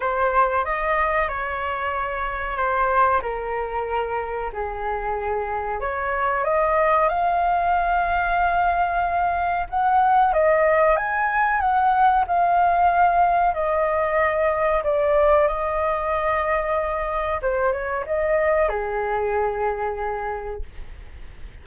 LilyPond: \new Staff \with { instrumentName = "flute" } { \time 4/4 \tempo 4 = 93 c''4 dis''4 cis''2 | c''4 ais'2 gis'4~ | gis'4 cis''4 dis''4 f''4~ | f''2. fis''4 |
dis''4 gis''4 fis''4 f''4~ | f''4 dis''2 d''4 | dis''2. c''8 cis''8 | dis''4 gis'2. | }